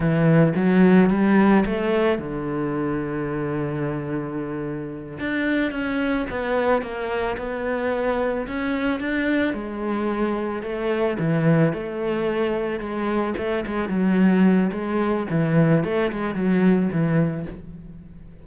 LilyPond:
\new Staff \with { instrumentName = "cello" } { \time 4/4 \tempo 4 = 110 e4 fis4 g4 a4 | d1~ | d4. d'4 cis'4 b8~ | b8 ais4 b2 cis'8~ |
cis'8 d'4 gis2 a8~ | a8 e4 a2 gis8~ | gis8 a8 gis8 fis4. gis4 | e4 a8 gis8 fis4 e4 | }